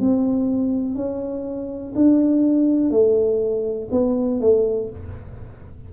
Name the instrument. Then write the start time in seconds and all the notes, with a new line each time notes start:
tuba
0.00 C4
0.95 C#4
1.94 D4
2.90 A3
3.91 B3
4.40 A3